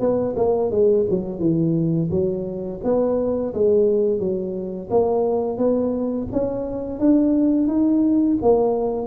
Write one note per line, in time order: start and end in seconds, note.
0.00 0.35 B3
0.37 0.71 A#3
0.71 1.06 G#3
1.10 1.40 F#3
1.40 2.09 E3
2.11 2.81 F#3
2.84 3.54 B3
3.54 4.20 G#3
4.20 4.90 F#3
4.91 5.58 A#3
5.58 6.28 B3
6.33 7.00 C#4
7.00 7.68 D4
7.68 8.38 D#4
8.42 9.07 A#3